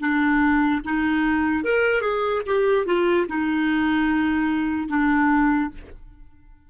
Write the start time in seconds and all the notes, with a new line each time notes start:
0.00 D4
0.84 D#4
1.64 A#4
2.01 G#4
2.46 G4
2.86 F4
3.28 D#4
4.89 D4